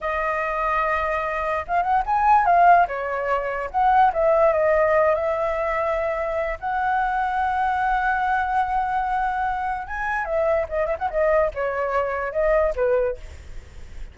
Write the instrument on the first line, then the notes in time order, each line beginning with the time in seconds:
flute
0.01 D#5
1.67 F5
1.82 F#5
2.06 G#5
2.45 F5
2.87 C#5
3.71 F#5
4.13 E5
4.53 D#5
5.14 E5
6.60 F#5
9.87 G#5
10.25 E5
10.68 D#5
10.85 E5
10.99 F#5
11.10 D#5
11.54 C#5
12.32 D#5
12.75 B4